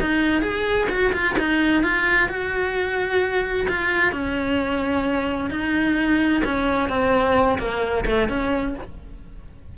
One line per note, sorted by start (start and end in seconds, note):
0.00 0.41 D#4
0.41 0.87 G#4
0.89 1.12 F#4
1.12 1.36 F4
1.38 1.83 D#4
1.83 2.28 F4
2.28 3.67 F#4
3.68 4.12 F4
4.12 5.50 C#4
5.50 6.42 D#4
6.44 6.89 C#4
6.89 7.58 C4
7.58 8.04 A#3
8.05 8.28 A3
8.28 8.74 C#4